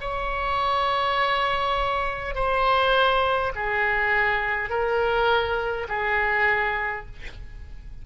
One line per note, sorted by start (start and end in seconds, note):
0.00 2.34 C#5
2.34 3.52 C5
3.55 4.70 G#4
4.70 5.87 A#4
5.88 7.06 G#4